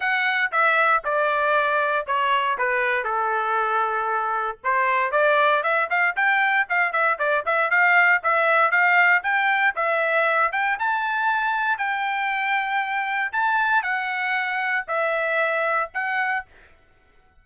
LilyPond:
\new Staff \with { instrumentName = "trumpet" } { \time 4/4 \tempo 4 = 117 fis''4 e''4 d''2 | cis''4 b'4 a'2~ | a'4 c''4 d''4 e''8 f''8 | g''4 f''8 e''8 d''8 e''8 f''4 |
e''4 f''4 g''4 e''4~ | e''8 g''8 a''2 g''4~ | g''2 a''4 fis''4~ | fis''4 e''2 fis''4 | }